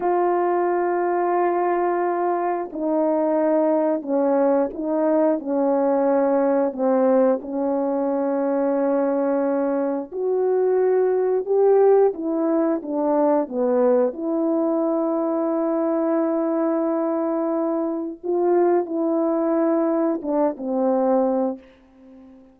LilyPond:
\new Staff \with { instrumentName = "horn" } { \time 4/4 \tempo 4 = 89 f'1 | dis'2 cis'4 dis'4 | cis'2 c'4 cis'4~ | cis'2. fis'4~ |
fis'4 g'4 e'4 d'4 | b4 e'2.~ | e'2. f'4 | e'2 d'8 c'4. | }